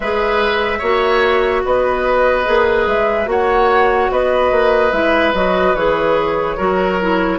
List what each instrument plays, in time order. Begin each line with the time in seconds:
0.00 bassoon G#3, clarinet G#4, oboe B4, flute E5
0.78 bassoon A#3, clarinet F#4, oboe C#5
1.64 bassoon B3, oboe B4, flute D#5
2.45 bassoon A#3, clarinet G#4
2.86 bassoon G#3, flute E5
3.26 bassoon A#3, clarinet F#4, oboe C#5, flute F#5
4.11 bassoon B3, oboe B4, flute D#5
4.51 bassoon A#3
4.91 bassoon G#3, clarinet E4, flute E5
5.33 bassoon F#3, clarinet F#4, flute D#5
5.74 bassoon E3, clarinet G#4, flute C#5
6.57 bassoon F#3, clarinet F#4, oboe A#4
7.00 clarinet E4